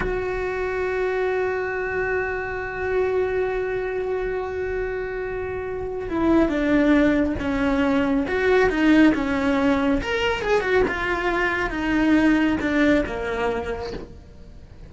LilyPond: \new Staff \with { instrumentName = "cello" } { \time 4/4 \tempo 4 = 138 fis'1~ | fis'1~ | fis'1~ | fis'2 e'4 d'4~ |
d'4 cis'2 fis'4 | dis'4 cis'2 ais'4 | gis'8 fis'8 f'2 dis'4~ | dis'4 d'4 ais2 | }